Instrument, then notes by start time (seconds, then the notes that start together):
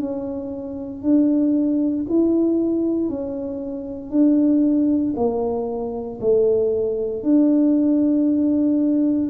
tuba
0.00 C#4
1.03 D4
2.09 E4
3.09 C#4
4.11 D4
5.16 A#3
6.20 A3
7.23 D4